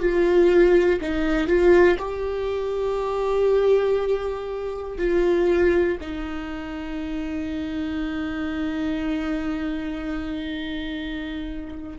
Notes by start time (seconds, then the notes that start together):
0.00 F4
1.01 D#4
1.48 F4
1.99 G4
4.98 F4
6.01 D#4